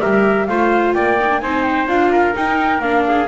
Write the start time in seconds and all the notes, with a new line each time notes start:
0.00 G3 G4 A#4 E5
0.46 A3 F4 C5 F5
0.93 A#3 D5 G5
1.19 D#4
1.29 D4
1.39 C4 D#4 C5 G#5
1.63 G5
1.87 D4 F4 F5
2.11 A#4
2.33 D#4 G5
2.79 A#3 D4 F5
3.08 G#4